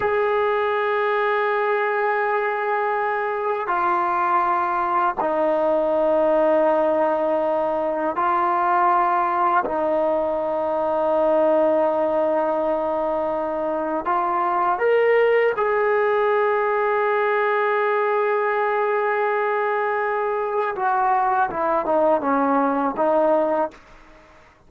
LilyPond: \new Staff \with { instrumentName = "trombone" } { \time 4/4 \tempo 4 = 81 gis'1~ | gis'4 f'2 dis'4~ | dis'2. f'4~ | f'4 dis'2.~ |
dis'2. f'4 | ais'4 gis'2.~ | gis'1 | fis'4 e'8 dis'8 cis'4 dis'4 | }